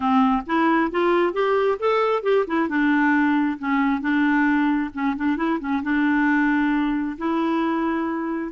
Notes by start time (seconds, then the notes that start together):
0.00 C4
0.46 E4
0.91 F4
1.33 G4
1.79 A4
2.22 G4
2.47 E4
2.68 D4
3.58 C#4
4.01 D4
4.93 C#4
5.16 D4
5.36 E4
5.60 C#4
5.82 D4
7.18 E4